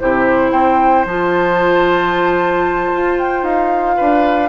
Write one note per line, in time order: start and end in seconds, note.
0.00 0.52 C3
0.00 1.07 E4
0.00 0.52 G4
0.00 0.52 C5
0.52 1.05 C4
0.52 3.97 C5
0.52 1.05 G5
1.06 2.91 F3
1.06 4.49 F4
1.06 3.19 A5
2.93 3.43 F4
3.19 3.44 G5
3.43 3.96 D#4
3.43 4.49 F5
3.97 4.49 D4
3.97 4.49 B4